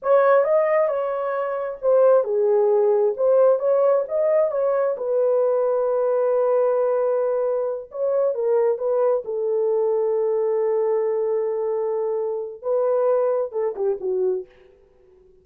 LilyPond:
\new Staff \with { instrumentName = "horn" } { \time 4/4 \tempo 4 = 133 cis''4 dis''4 cis''2 | c''4 gis'2 c''4 | cis''4 dis''4 cis''4 b'4~ | b'1~ |
b'4. cis''4 ais'4 b'8~ | b'8 a'2.~ a'8~ | a'1 | b'2 a'8 g'8 fis'4 | }